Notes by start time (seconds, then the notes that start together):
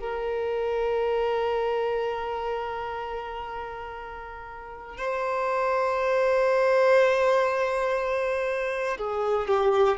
0.00 A#4
4.97 C5
8.98 G#4
9.47 G4